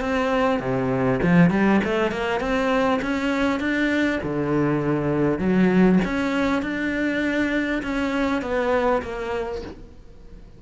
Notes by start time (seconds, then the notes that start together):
0.00 C4
0.60 C3
1.22 F3
1.50 G3
1.84 A3
2.11 A#3
2.40 C4
3.02 C#4
3.60 D4
4.23 D3
5.39 F#3
6.04 C#4
6.62 D4
7.82 C#4
8.42 B3
9.02 A#3